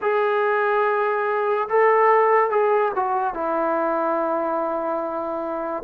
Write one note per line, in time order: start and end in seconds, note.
0.02 1.68 G#4
1.68 2.50 A4
2.50 2.92 G#4
2.95 3.33 F#4
3.33 5.83 E4